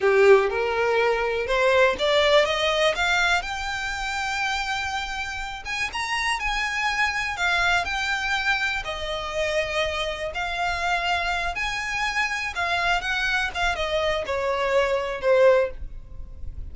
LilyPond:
\new Staff \with { instrumentName = "violin" } { \time 4/4 \tempo 4 = 122 g'4 ais'2 c''4 | d''4 dis''4 f''4 g''4~ | g''2.~ g''8 gis''8 | ais''4 gis''2 f''4 |
g''2 dis''2~ | dis''4 f''2~ f''8 gis''8~ | gis''4. f''4 fis''4 f''8 | dis''4 cis''2 c''4 | }